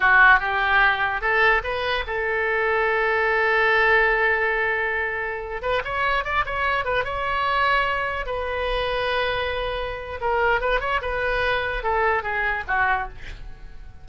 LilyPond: \new Staff \with { instrumentName = "oboe" } { \time 4/4 \tempo 4 = 147 fis'4 g'2 a'4 | b'4 a'2.~ | a'1~ | a'4.~ a'16 b'8 cis''4 d''8 cis''16~ |
cis''8. b'8 cis''2~ cis''8.~ | cis''16 b'2.~ b'8.~ | b'4 ais'4 b'8 cis''8 b'4~ | b'4 a'4 gis'4 fis'4 | }